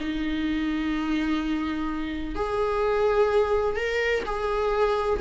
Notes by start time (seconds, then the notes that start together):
0.00 D#4
2.35 G#4
3.76 A#4
4.25 G#4